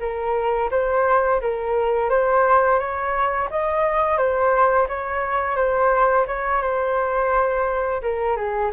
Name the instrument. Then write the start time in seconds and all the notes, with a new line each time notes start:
flute
0.00 A#4
0.71 C5
1.41 A#4
2.10 C5
2.79 C#5
3.51 D#5
4.18 C5
4.89 C#5
5.56 C5
6.28 C#5
6.62 C5
8.02 A#4
8.37 G#4